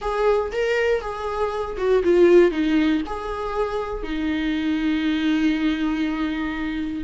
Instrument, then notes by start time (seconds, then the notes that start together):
viola
0.01 G#4
0.52 A#4
1.01 G#4
1.77 F#4
2.03 F4
2.51 D#4
3.06 G#4
4.03 D#4